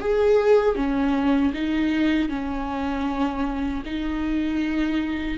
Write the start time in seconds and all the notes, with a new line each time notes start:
0.00 G#4
0.75 C#4
1.53 D#4
2.29 C#4
3.85 D#4